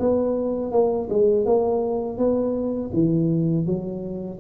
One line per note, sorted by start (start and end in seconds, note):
0.00 0.72 B3
0.72 1.09 A#3
1.10 1.46 G#3
1.46 2.18 A#3
2.18 2.91 B3
2.94 3.67 E3
3.67 4.40 F#3